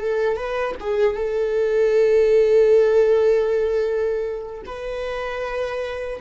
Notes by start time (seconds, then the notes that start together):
0.00 A4
0.36 B4
0.80 G#4
1.16 A4
4.65 B4